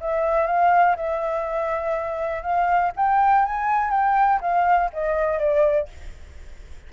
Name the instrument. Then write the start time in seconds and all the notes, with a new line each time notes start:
flute
0.00 E5
0.46 F5
0.96 E5
2.43 F5
2.96 G5
3.45 G#5
3.91 G5
4.41 F5
4.93 D#5
5.39 D5